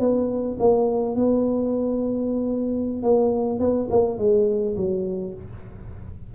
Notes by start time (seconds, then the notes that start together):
0.00 B3
0.60 A#3
1.16 B3
3.03 A#3
3.60 B3
3.90 A#3
4.18 G#3
4.76 F#3